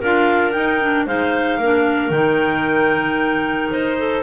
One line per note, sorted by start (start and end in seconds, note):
0.00 0.56 D4
0.00 0.53 F4
0.00 1.06 A#4
0.00 0.52 F5
0.52 0.79 D#4
0.52 1.06 D#4
0.52 1.05 G5
0.81 1.08 D4
1.06 1.58 G#3
1.06 1.61 D#4
1.06 1.59 C5
1.06 2.11 F5
1.58 2.10 A#3
1.58 2.13 D4
1.58 3.98 A#4
2.10 3.69 D#3
2.10 4.23 D#4
2.10 3.70 G5
3.70 4.23 D#4
3.70 4.23 C5
3.98 4.23 A4